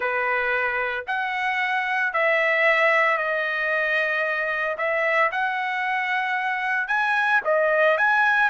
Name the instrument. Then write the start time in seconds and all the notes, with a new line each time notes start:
trumpet
0.00 B4
1.07 F#5
2.13 E5
3.17 D#5
4.77 E5
5.31 F#5
6.87 G#5
7.44 D#5
7.97 G#5